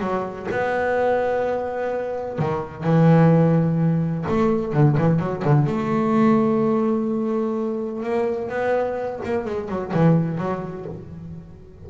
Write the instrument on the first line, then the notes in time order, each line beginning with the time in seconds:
double bass
0.00 F#3
0.51 B3
2.39 D#3
2.84 E3
4.29 A3
4.73 D3
4.98 E3
5.20 F#3
5.45 D3
5.67 A3
8.03 A#3
8.49 B3
9.25 A#3
9.46 G#3
9.69 F#3
9.94 E3
10.38 F#3